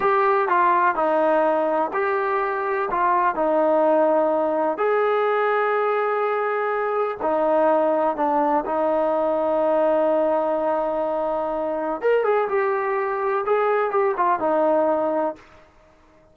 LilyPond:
\new Staff \with { instrumentName = "trombone" } { \time 4/4 \tempo 4 = 125 g'4 f'4 dis'2 | g'2 f'4 dis'4~ | dis'2 gis'2~ | gis'2. dis'4~ |
dis'4 d'4 dis'2~ | dis'1~ | dis'4 ais'8 gis'8 g'2 | gis'4 g'8 f'8 dis'2 | }